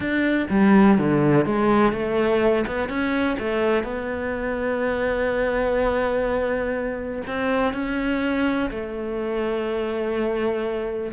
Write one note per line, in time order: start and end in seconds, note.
0.00 0.47 D4
0.50 0.97 G3
0.97 1.45 D3
1.45 1.92 G#3
1.92 2.65 A3
2.66 2.88 B3
2.88 3.37 C#4
3.39 3.83 A3
3.83 7.22 B3
7.27 7.73 C4
7.73 8.69 C#4
8.70 11.12 A3